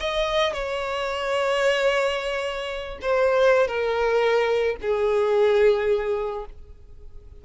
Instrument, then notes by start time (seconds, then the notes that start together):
violin
0.00 D#5
0.54 C#5
3.02 C5
3.68 A#4
4.82 G#4